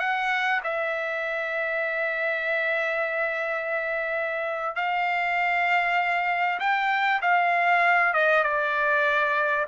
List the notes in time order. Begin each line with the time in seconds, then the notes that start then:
0.00 F#5
0.64 E5
4.76 F5
6.60 G5
7.22 F5
8.14 D#5
8.44 D5